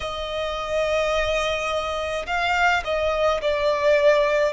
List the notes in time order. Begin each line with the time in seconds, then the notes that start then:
0.00 D#5
2.26 F5
2.84 D#5
3.41 D5